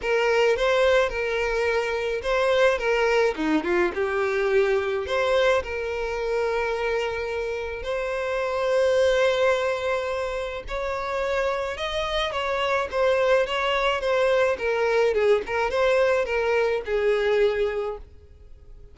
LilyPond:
\new Staff \with { instrumentName = "violin" } { \time 4/4 \tempo 4 = 107 ais'4 c''4 ais'2 | c''4 ais'4 dis'8 f'8 g'4~ | g'4 c''4 ais'2~ | ais'2 c''2~ |
c''2. cis''4~ | cis''4 dis''4 cis''4 c''4 | cis''4 c''4 ais'4 gis'8 ais'8 | c''4 ais'4 gis'2 | }